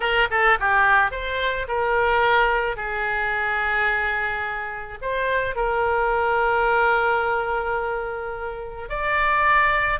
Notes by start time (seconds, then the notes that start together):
0.00 A#4
0.30 A4
0.59 G4
1.11 C5
1.67 A#4
2.76 G#4
5.01 C5
5.55 A#4
8.89 D5